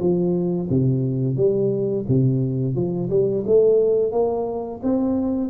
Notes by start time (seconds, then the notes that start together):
0.00 F3
0.70 C3
1.36 G3
2.08 C3
2.75 F3
3.10 G3
3.47 A3
4.12 A#3
4.83 C4